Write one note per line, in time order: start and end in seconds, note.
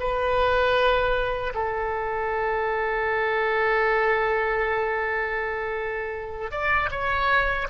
0.00 1.54 B4
1.55 6.51 A4
6.51 6.90 D5
6.91 7.68 C#5